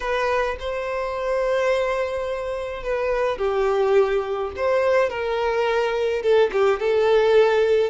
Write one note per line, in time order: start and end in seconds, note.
0.00 0.56 B4
0.59 2.83 C5
2.83 3.38 B4
3.38 4.51 G4
4.56 5.09 C5
5.09 6.22 A#4
6.22 6.50 A4
6.52 6.79 G4
6.79 7.90 A4